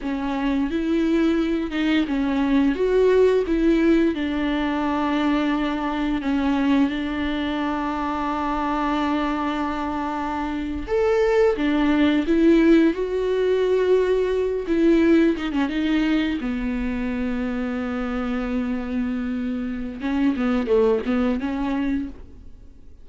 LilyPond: \new Staff \with { instrumentName = "viola" } { \time 4/4 \tempo 4 = 87 cis'4 e'4. dis'8 cis'4 | fis'4 e'4 d'2~ | d'4 cis'4 d'2~ | d'2.~ d'8. a'16~ |
a'8. d'4 e'4 fis'4~ fis'16~ | fis'4~ fis'16 e'4 dis'16 cis'16 dis'4 b16~ | b1~ | b4 cis'8 b8 a8 b8 cis'4 | }